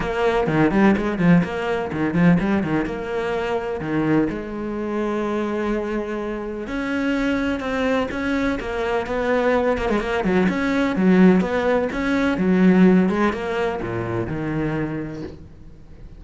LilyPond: \new Staff \with { instrumentName = "cello" } { \time 4/4 \tempo 4 = 126 ais4 dis8 g8 gis8 f8 ais4 | dis8 f8 g8 dis8 ais2 | dis4 gis2.~ | gis2 cis'2 |
c'4 cis'4 ais4 b4~ | b8 ais16 gis16 ais8 fis8 cis'4 fis4 | b4 cis'4 fis4. gis8 | ais4 ais,4 dis2 | }